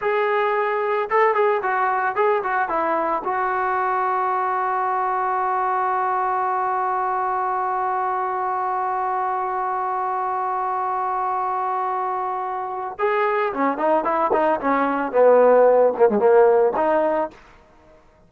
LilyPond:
\new Staff \with { instrumentName = "trombone" } { \time 4/4 \tempo 4 = 111 gis'2 a'8 gis'8 fis'4 | gis'8 fis'8 e'4 fis'2~ | fis'1~ | fis'1~ |
fis'1~ | fis'1 | gis'4 cis'8 dis'8 e'8 dis'8 cis'4 | b4. ais16 gis16 ais4 dis'4 | }